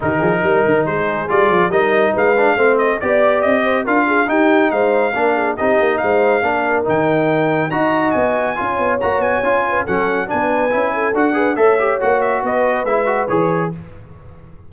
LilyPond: <<
  \new Staff \with { instrumentName = "trumpet" } { \time 4/4 \tempo 4 = 140 ais'2 c''4 d''4 | dis''4 f''4. dis''8 d''4 | dis''4 f''4 g''4 f''4~ | f''4 dis''4 f''2 |
g''2 ais''4 gis''4~ | gis''4 ais''8 gis''4. fis''4 | gis''2 fis''4 e''4 | fis''8 e''8 dis''4 e''4 cis''4 | }
  \new Staff \with { instrumentName = "horn" } { \time 4/4 g'8 gis'8 ais'4 gis'2 | ais'4 b'4 c''4 d''4~ | d''8 c''8 ais'8 gis'8 g'4 c''4 | ais'8 gis'8 g'4 c''4 ais'4~ |
ais'2 dis''2 | cis''2~ cis''8 b'8 a'4 | b'4. a'4 b'8 cis''4~ | cis''4 b'2. | }
  \new Staff \with { instrumentName = "trombone" } { \time 4/4 dis'2. f'4 | dis'4. d'8 c'4 g'4~ | g'4 f'4 dis'2 | d'4 dis'2 d'4 |
dis'2 fis'2 | f'4 fis'4 f'4 cis'4 | d'4 e'4 fis'8 gis'8 a'8 g'8 | fis'2 e'8 fis'8 gis'4 | }
  \new Staff \with { instrumentName = "tuba" } { \time 4/4 dis8 f8 g8 dis8 gis4 g8 f8 | g4 gis4 a4 b4 | c'4 d'4 dis'4 gis4 | ais4 c'8 ais8 gis4 ais4 |
dis2 dis'4 b4 | cis'8 b8 ais8 b8 cis'4 fis4 | b4 cis'4 d'4 a4 | ais4 b4 gis4 e4 | }
>>